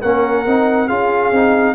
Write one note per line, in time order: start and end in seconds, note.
0.00 0.46 A#3
0.00 0.45 C#4
0.00 0.87 A#4
0.00 0.88 F#5
0.46 0.89 C4
0.46 0.88 D#4
0.87 1.31 C#4
0.87 1.32 F4
0.87 1.74 G#4
0.87 1.74 F5
1.31 1.74 C4
1.31 1.74 D#4